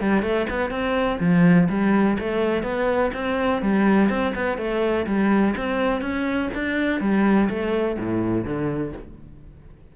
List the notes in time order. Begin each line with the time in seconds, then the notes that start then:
0.00 G3
0.22 A3
0.49 B3
0.70 C4
1.20 F3
1.69 G3
2.19 A3
2.62 B3
3.13 C4
3.62 G3
4.09 C4
4.34 B3
4.57 A3
5.06 G3
5.56 C4
6.01 C#4
6.54 D4
7.00 G3
7.49 A3
7.99 A2
8.44 D3